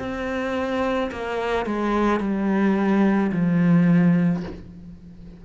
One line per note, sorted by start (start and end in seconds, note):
0.00 1.11 C4
1.12 1.67 A#3
1.67 2.21 G#3
2.21 3.32 G3
3.32 4.43 F3